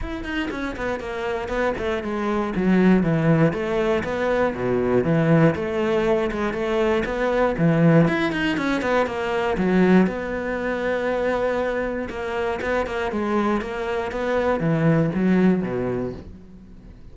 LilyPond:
\new Staff \with { instrumentName = "cello" } { \time 4/4 \tempo 4 = 119 e'8 dis'8 cis'8 b8 ais4 b8 a8 | gis4 fis4 e4 a4 | b4 b,4 e4 a4~ | a8 gis8 a4 b4 e4 |
e'8 dis'8 cis'8 b8 ais4 fis4 | b1 | ais4 b8 ais8 gis4 ais4 | b4 e4 fis4 b,4 | }